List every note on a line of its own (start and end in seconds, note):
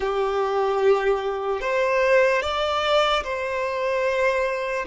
0.00 1.60 G4
1.60 2.41 C5
2.41 3.22 D5
3.23 4.85 C5